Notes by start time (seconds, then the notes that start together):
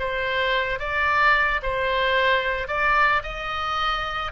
0.00 C5
0.79 D5
1.63 C5
2.68 D5
3.23 D#5